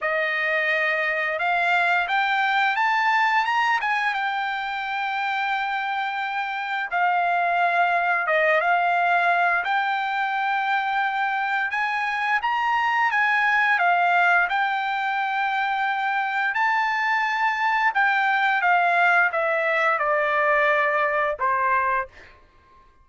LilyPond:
\new Staff \with { instrumentName = "trumpet" } { \time 4/4 \tempo 4 = 87 dis''2 f''4 g''4 | a''4 ais''8 gis''8 g''2~ | g''2 f''2 | dis''8 f''4. g''2~ |
g''4 gis''4 ais''4 gis''4 | f''4 g''2. | a''2 g''4 f''4 | e''4 d''2 c''4 | }